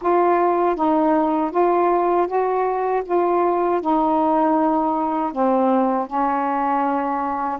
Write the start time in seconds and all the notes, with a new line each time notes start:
0.01 F4
0.75 D#4
1.51 F4
2.27 F#4
3.05 F4
3.81 D#4
5.32 C4
6.07 C#4